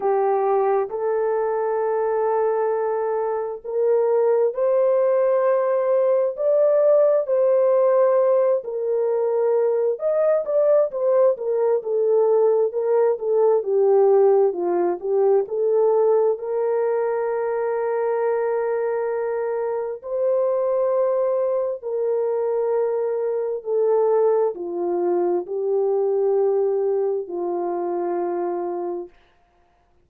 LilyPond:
\new Staff \with { instrumentName = "horn" } { \time 4/4 \tempo 4 = 66 g'4 a'2. | ais'4 c''2 d''4 | c''4. ais'4. dis''8 d''8 | c''8 ais'8 a'4 ais'8 a'8 g'4 |
f'8 g'8 a'4 ais'2~ | ais'2 c''2 | ais'2 a'4 f'4 | g'2 f'2 | }